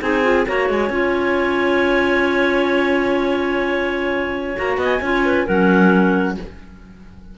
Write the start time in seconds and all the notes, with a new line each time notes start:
0.00 C4 D#4 G#4 G#5
0.23 F4
0.47 A#3 F#4 C#5 A#5
0.69 G#3 G#5
0.89 C#4 F4
4.56 A#3 F#4 A#5
4.77 B3 D#5
4.84 G#5
5.01 C#4 F4 C#5
5.25 B4
5.46 F#3 C#4 A#4 F#5